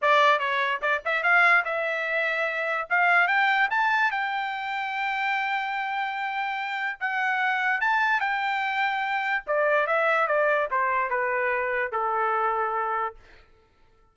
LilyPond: \new Staff \with { instrumentName = "trumpet" } { \time 4/4 \tempo 4 = 146 d''4 cis''4 d''8 e''8 f''4 | e''2. f''4 | g''4 a''4 g''2~ | g''1~ |
g''4 fis''2 a''4 | g''2. d''4 | e''4 d''4 c''4 b'4~ | b'4 a'2. | }